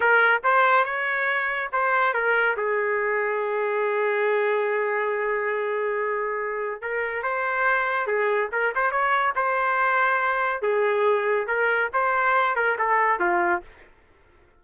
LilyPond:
\new Staff \with { instrumentName = "trumpet" } { \time 4/4 \tempo 4 = 141 ais'4 c''4 cis''2 | c''4 ais'4 gis'2~ | gis'1~ | gis'1 |
ais'4 c''2 gis'4 | ais'8 c''8 cis''4 c''2~ | c''4 gis'2 ais'4 | c''4. ais'8 a'4 f'4 | }